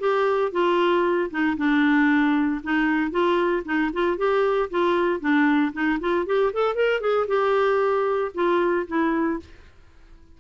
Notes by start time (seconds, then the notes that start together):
0.00 G4
0.52 F4
1.31 D#4
1.57 D4
2.64 D#4
3.11 F4
3.65 D#4
3.93 F4
4.18 G4
4.71 F4
5.21 D4
5.73 D#4
6.01 F4
6.27 G4
6.53 A4
6.75 A#4
7.01 G#4
7.28 G4
8.35 F4
8.88 E4